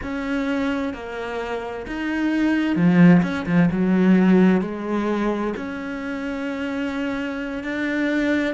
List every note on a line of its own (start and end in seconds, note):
0.03 0.93 C#4
0.93 1.85 A#3
1.87 2.76 D#4
2.76 3.22 F3
3.22 3.45 C#4
3.46 3.69 F3
3.71 4.61 F#3
4.61 5.53 G#3
5.56 7.63 C#4
7.63 8.54 D4